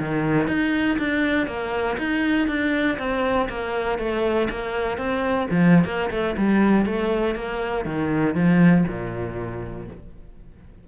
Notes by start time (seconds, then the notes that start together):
0.00 D#3
0.48 D#4
0.98 D4
1.47 A#3
1.98 D#4
2.48 D4
2.99 C4
3.49 A#3
3.99 A3
4.50 A#3
4.98 C4
5.51 F3
5.85 A#3
6.11 A3
6.38 G3
6.86 A3
7.35 A#3
7.85 D#3
8.35 F3
8.88 A#2